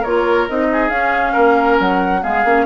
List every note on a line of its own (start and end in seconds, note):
0.00 0.48 A#3
0.00 0.49 F4
0.00 0.66 A#4
0.00 0.47 C#5
0.49 0.89 C4
0.49 0.90 D#4
0.49 0.89 D#5
0.72 1.33 G#4
0.89 1.33 C#4
0.89 2.22 C#4
0.89 1.77 F5
1.33 1.79 A#3
1.33 2.20 A#4
1.79 2.23 F#3
1.79 2.23 F#5
2.22 2.44 G#3
2.22 2.43 B3
2.22 2.66 G#4
2.22 2.66 F5
2.44 2.66 A#3
2.44 2.66 C#4